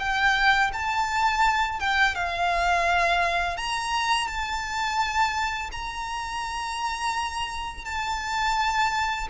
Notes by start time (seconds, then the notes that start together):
0.00 G5
0.73 A5
1.80 G5
2.15 F5
3.57 A#5
4.28 A5
5.72 A#5
7.85 A5